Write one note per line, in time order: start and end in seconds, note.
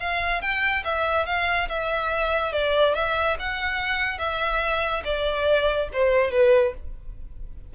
0.00 0.42 F5
0.42 0.84 G5
0.85 1.26 E5
1.26 1.69 F5
1.69 2.53 E5
2.53 2.95 D5
2.95 3.37 E5
3.40 4.19 F#5
4.19 5.03 E5
5.05 5.89 D5
5.93 6.31 C5
6.31 6.74 B4